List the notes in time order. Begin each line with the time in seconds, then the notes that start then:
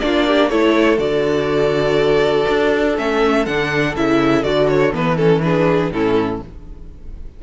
0.00 A#3 D4 F4 D5
0.27 G4
0.49 A3 E4 A4 C#5
0.97 D3 F#4 D5
2.49 D4
2.97 A3 C#4 E5
3.46 D3 D4 F#5
3.96 C#3 E4 E5
4.44 D3 F#4 D5
4.68 C#5
4.92 E3 B3 B4
5.17 C#4 A4
5.42 D4 G#4 B4
5.90 A2 C#4 E4 A4